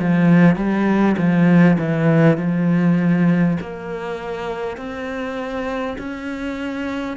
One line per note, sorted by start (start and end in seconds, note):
0.00 0.56 F3
0.56 1.16 G3
1.17 1.77 F3
1.78 2.37 E3
2.37 3.57 F3
3.61 4.77 A#3
4.77 5.97 C4
5.98 7.17 C#4